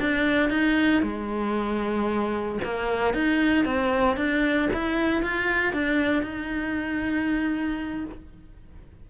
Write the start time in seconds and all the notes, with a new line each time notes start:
0.00 D4
0.50 D#4
1.02 G#3
2.64 A#3
3.14 D#4
3.65 C4
4.17 D4
4.74 E4
5.23 F4
5.73 D4
6.23 D#4